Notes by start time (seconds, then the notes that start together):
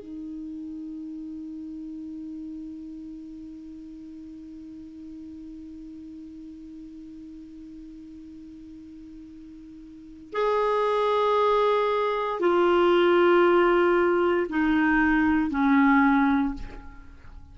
0.00 D#4
10.34 G#4
12.40 F4
14.50 D#4
15.51 C#4